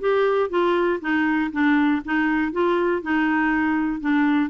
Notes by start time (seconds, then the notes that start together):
0.00 G4
0.50 F4
1.01 D#4
1.52 D4
2.05 D#4
2.52 F4
3.02 D#4
4.00 D4